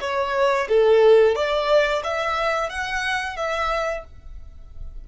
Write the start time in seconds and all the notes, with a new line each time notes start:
0.00 C#5
0.68 A4
1.35 D5
2.03 E5
2.69 F#5
3.36 E5